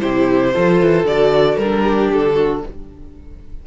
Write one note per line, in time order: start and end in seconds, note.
0.00 0.56 C3
0.00 0.52 E4
0.00 0.54 G4
0.00 1.05 C5
0.54 0.82 F3
0.54 1.06 F4
0.54 1.83 A4
0.82 1.04 E3
1.04 1.56 D3
1.04 1.61 F#4
1.04 1.57 D5
1.57 2.09 G3
1.57 2.67 D4
1.57 2.09 A#4
1.83 2.34 G4
2.10 2.63 D3
2.10 2.65 A4
2.34 2.61 F#4